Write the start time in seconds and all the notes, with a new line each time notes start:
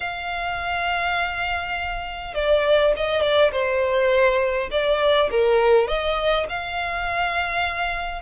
0.00 F5
2.34 D5
2.96 D#5
3.21 D5
3.52 C5
4.71 D5
5.30 A#4
5.87 D#5
6.49 F5